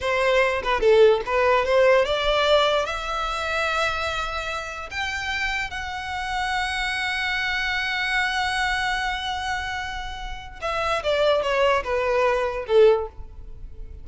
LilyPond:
\new Staff \with { instrumentName = "violin" } { \time 4/4 \tempo 4 = 147 c''4. b'8 a'4 b'4 | c''4 d''2 e''4~ | e''1 | g''2 fis''2~ |
fis''1~ | fis''1~ | fis''2 e''4 d''4 | cis''4 b'2 a'4 | }